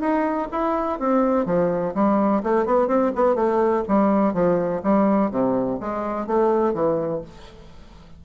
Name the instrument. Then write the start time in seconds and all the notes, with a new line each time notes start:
bassoon
0.00 D#4
0.52 E4
0.99 C4
1.46 F3
1.95 G3
2.43 A3
2.66 B3
2.88 C4
3.15 B3
3.35 A3
3.88 G3
4.34 F3
4.83 G3
5.31 C3
5.80 G#3
6.27 A3
6.74 E3